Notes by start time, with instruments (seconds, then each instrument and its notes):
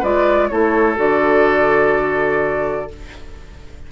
0.00 bassoon G#3, clarinet F4, oboe B4, flute D5
0.49 bassoon A3, clarinet E4, oboe A4, flute C#5
0.96 bassoon D3, clarinet F#4, flute D5